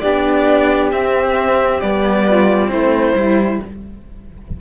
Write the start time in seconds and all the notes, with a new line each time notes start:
0.00 B3 D4 G4 D5
0.92 C4 E5
1.80 G3 B3 D5
2.27 F4
2.67 A3 C4 E4 C5
3.14 G3 E4